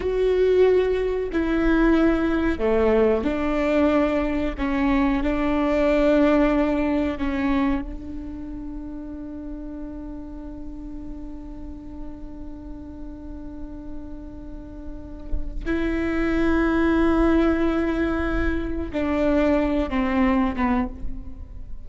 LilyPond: \new Staff \with { instrumentName = "viola" } { \time 4/4 \tempo 4 = 92 fis'2 e'2 | a4 d'2 cis'4 | d'2. cis'4 | d'1~ |
d'1~ | d'1 | e'1~ | e'4 d'4. c'4 b8 | }